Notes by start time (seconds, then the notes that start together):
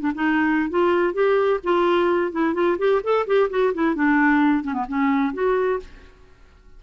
0.00 D4
0.15 D#4
0.70 F4
1.14 G4
1.64 F4
2.32 E4
2.54 F4
2.78 G4
3.03 A4
3.27 G4
3.50 F#4
3.74 E4
3.95 D4
4.63 C#4
4.73 B3
4.88 C#4
5.33 F#4